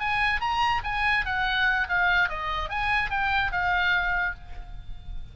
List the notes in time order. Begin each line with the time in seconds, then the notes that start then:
0.00 G#5
0.41 A#5
0.84 G#5
1.26 F#5
1.89 F5
2.29 D#5
2.70 G#5
3.11 G5
3.52 F5